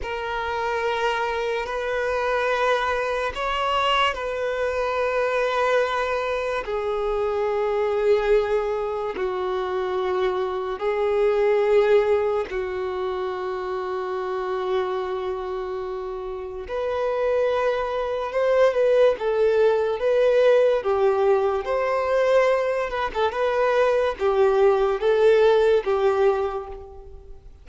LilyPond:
\new Staff \with { instrumentName = "violin" } { \time 4/4 \tempo 4 = 72 ais'2 b'2 | cis''4 b'2. | gis'2. fis'4~ | fis'4 gis'2 fis'4~ |
fis'1 | b'2 c''8 b'8 a'4 | b'4 g'4 c''4. b'16 a'16 | b'4 g'4 a'4 g'4 | }